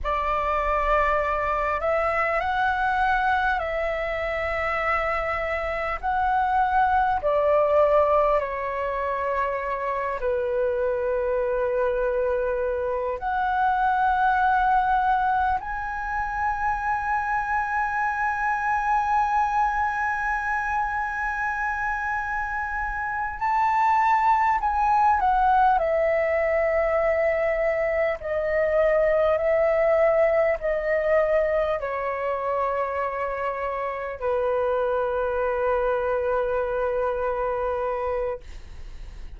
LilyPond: \new Staff \with { instrumentName = "flute" } { \time 4/4 \tempo 4 = 50 d''4. e''8 fis''4 e''4~ | e''4 fis''4 d''4 cis''4~ | cis''8 b'2~ b'8 fis''4~ | fis''4 gis''2.~ |
gis''2.~ gis''8 a''8~ | a''8 gis''8 fis''8 e''2 dis''8~ | dis''8 e''4 dis''4 cis''4.~ | cis''8 b'2.~ b'8 | }